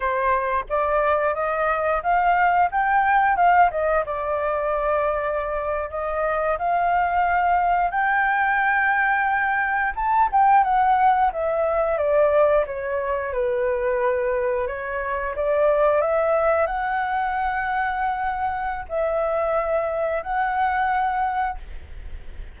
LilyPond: \new Staff \with { instrumentName = "flute" } { \time 4/4 \tempo 4 = 89 c''4 d''4 dis''4 f''4 | g''4 f''8 dis''8 d''2~ | d''8. dis''4 f''2 g''16~ | g''2~ g''8. a''8 g''8 fis''16~ |
fis''8. e''4 d''4 cis''4 b'16~ | b'4.~ b'16 cis''4 d''4 e''16~ | e''8. fis''2.~ fis''16 | e''2 fis''2 | }